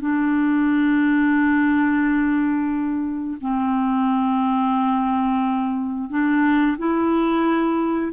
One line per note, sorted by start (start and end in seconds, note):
0.00 3.37 D4
3.40 6.09 C4
6.09 6.77 D4
6.78 8.12 E4